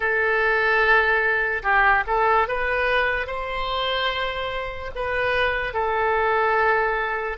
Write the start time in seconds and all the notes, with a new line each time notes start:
0.00 A4
1.62 G4
2.06 A4
2.47 B4
3.27 C5
4.95 B4
5.73 A4